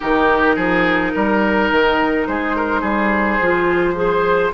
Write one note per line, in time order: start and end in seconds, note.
0.00 0.56 D#3
0.00 3.40 D#4
0.00 0.55 G4
0.00 2.26 A#4
0.55 1.12 F3
0.55 1.12 G#4
1.14 1.71 G3
1.14 2.27 A#4
1.71 2.27 D#3
2.26 2.82 G#3
2.26 2.56 G#4
2.26 4.53 C5
2.56 2.80 A#4
2.80 3.38 G3
2.80 3.94 G#4
3.40 4.53 F3
3.40 3.94 F4
3.94 4.50 G#4
3.94 4.53 C5